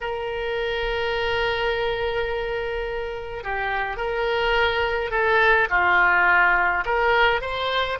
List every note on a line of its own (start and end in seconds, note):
0.01 3.43 A#4
3.43 3.96 G4
3.96 5.11 A#4
5.11 5.68 A4
5.70 6.84 F4
6.85 7.41 A#4
7.41 7.98 C5